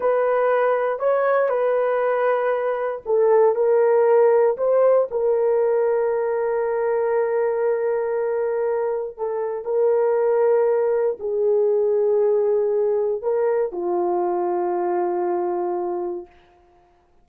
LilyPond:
\new Staff \with { instrumentName = "horn" } { \time 4/4 \tempo 4 = 118 b'2 cis''4 b'4~ | b'2 a'4 ais'4~ | ais'4 c''4 ais'2~ | ais'1~ |
ais'2 a'4 ais'4~ | ais'2 gis'2~ | gis'2 ais'4 f'4~ | f'1 | }